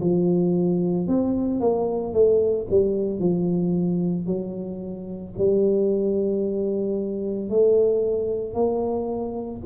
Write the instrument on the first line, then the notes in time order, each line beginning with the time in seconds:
tuba
0.00 F3
1.07 C4
1.60 A#3
2.13 A3
2.70 G3
3.19 F3
4.26 F#3
5.38 G3
7.50 A3
8.54 A#3